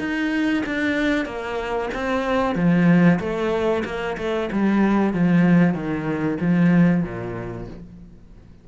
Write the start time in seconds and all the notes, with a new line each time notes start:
0.00 D#4
0.66 D4
1.26 A#3
1.94 C4
2.56 F3
3.20 A3
3.85 A#3
4.18 A3
4.53 G3
5.14 F3
5.74 D#3
6.41 F3
7.04 A#2